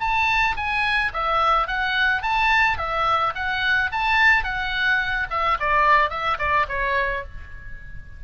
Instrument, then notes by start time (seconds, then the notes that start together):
oboe
0.00 A5
0.57 G#5
1.13 E5
1.67 F#5
2.22 A5
2.78 E5
3.35 F#5
3.92 A5
4.44 F#5
5.30 E5
5.60 D5
6.10 E5
6.38 D5
6.68 C#5